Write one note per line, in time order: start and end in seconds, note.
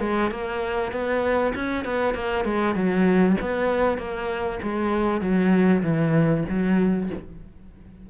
0.00 0.31 G#3
0.31 0.92 A#3
0.92 1.53 B3
1.54 1.85 C#4
1.85 2.14 B3
2.14 2.45 A#3
2.45 2.75 G#3
2.75 3.36 F#3
3.41 3.98 B3
3.98 4.59 A#3
4.62 5.21 G#3
5.21 5.82 F#3
5.83 6.44 E3
6.49 7.10 F#3